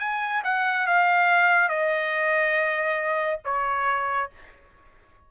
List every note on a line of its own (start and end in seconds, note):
0.00 0.43 G#5
0.44 0.87 F#5
0.87 1.69 F5
1.69 3.41 D#5
3.45 4.31 C#5